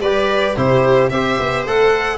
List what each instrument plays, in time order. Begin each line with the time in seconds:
0.00 tuba G3, trombone G4, viola B4, violin D5
0.56 tuba C3, trombone E4, viola G4, violin C5
1.10 tuba C4, trombone G4, viola C5, violin E5
1.39 tuba B3
1.66 tuba A3, trombone A4, violin F#5